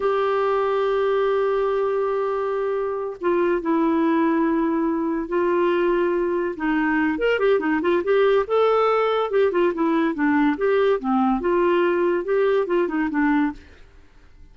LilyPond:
\new Staff \with { instrumentName = "clarinet" } { \time 4/4 \tempo 4 = 142 g'1~ | g'2.~ g'8 f'8~ | f'8 e'2.~ e'8~ | e'8 f'2. dis'8~ |
dis'4 ais'8 g'8 dis'8 f'8 g'4 | a'2 g'8 f'8 e'4 | d'4 g'4 c'4 f'4~ | f'4 g'4 f'8 dis'8 d'4 | }